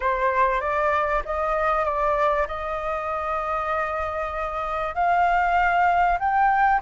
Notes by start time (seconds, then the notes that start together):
0.00 C5
0.60 D5
1.25 D#5
1.84 D5
2.47 D#5
4.94 F5
6.19 G5